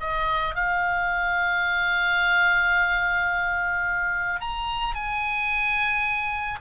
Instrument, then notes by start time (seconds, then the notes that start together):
oboe
0.00 D#5
0.55 F5
4.40 A#5
4.94 G#5